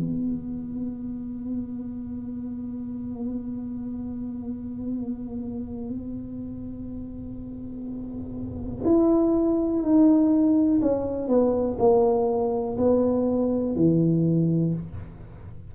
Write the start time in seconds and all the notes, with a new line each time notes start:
0.00 B3
8.85 E4
9.82 D#4
10.82 C#4
11.28 B3
11.79 A#3
12.78 B3
13.76 E3